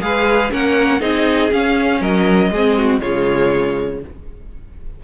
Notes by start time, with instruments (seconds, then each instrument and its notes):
0.00 cello G#3, viola G#4, violin B4 F5
0.50 cello A#3, viola C#4, violin A#4 F#5
0.99 cello C4, viola D#4, violin G#4 D#5
1.51 viola C#4, cello C#4, violin F5
2.00 cello F#3, violin A#4 D#5
2.50 cello G#3, viola C4, violin G#4
2.78 violin F#4
3.00 cello C#3, viola G#3, violin F4 C#5